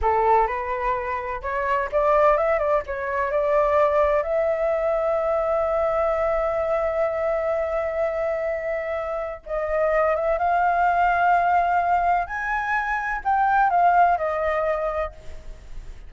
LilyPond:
\new Staff \with { instrumentName = "flute" } { \time 4/4 \tempo 4 = 127 a'4 b'2 cis''4 | d''4 e''8 d''8 cis''4 d''4~ | d''4 e''2.~ | e''1~ |
e''1 | dis''4. e''8 f''2~ | f''2 gis''2 | g''4 f''4 dis''2 | }